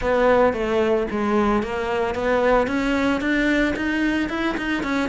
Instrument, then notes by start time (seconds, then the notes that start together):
cello
0.01 B3
0.53 A3
1.11 G#3
1.62 A#3
2.14 B3
2.67 C#4
3.20 D4
3.76 D#4
4.29 E4
4.57 D#4
4.83 C#4